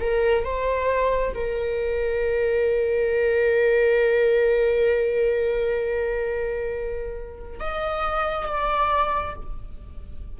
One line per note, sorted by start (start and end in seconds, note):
0.00 0.44 A#4
0.44 1.34 C5
1.34 7.60 A#4
7.60 8.46 D#5
8.46 9.35 D5